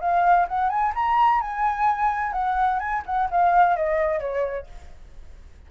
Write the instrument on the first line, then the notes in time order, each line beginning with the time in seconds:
flute
0.00 F5
0.48 F#5
0.69 G#5
0.95 A#5
1.41 G#5
2.32 F#5
2.79 G#5
3.06 F#5
3.30 F5
3.76 D#5
4.20 C#5